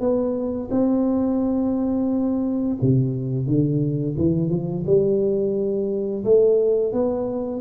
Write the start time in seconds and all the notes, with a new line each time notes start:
0.00 B3
0.71 C4
2.82 C3
3.46 D3
4.18 E3
4.50 F3
4.86 G3
6.24 A3
6.93 B3